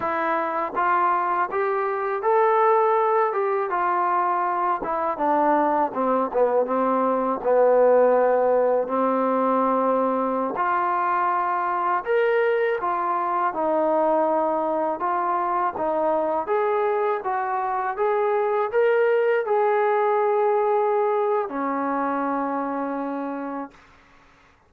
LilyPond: \new Staff \with { instrumentName = "trombone" } { \time 4/4 \tempo 4 = 81 e'4 f'4 g'4 a'4~ | a'8 g'8 f'4. e'8 d'4 | c'8 b8 c'4 b2 | c'2~ c'16 f'4.~ f'16~ |
f'16 ais'4 f'4 dis'4.~ dis'16~ | dis'16 f'4 dis'4 gis'4 fis'8.~ | fis'16 gis'4 ais'4 gis'4.~ gis'16~ | gis'4 cis'2. | }